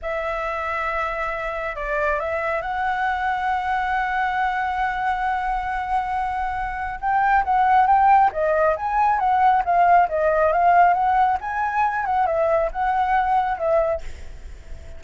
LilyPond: \new Staff \with { instrumentName = "flute" } { \time 4/4 \tempo 4 = 137 e''1 | d''4 e''4 fis''2~ | fis''1~ | fis''1 |
g''4 fis''4 g''4 dis''4 | gis''4 fis''4 f''4 dis''4 | f''4 fis''4 gis''4. fis''8 | e''4 fis''2 e''4 | }